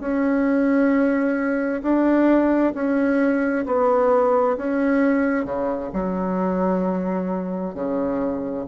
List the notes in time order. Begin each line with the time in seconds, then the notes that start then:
0.00 C#4
1.82 D4
2.74 C#4
3.66 B3
4.57 C#4
5.45 C#3
5.93 F#3
7.74 C#3